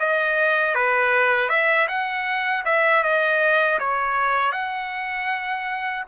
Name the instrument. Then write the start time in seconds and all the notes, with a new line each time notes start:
trumpet
0.00 D#5
0.75 B4
1.49 E5
1.88 F#5
2.65 E5
3.03 D#5
3.79 C#5
4.52 F#5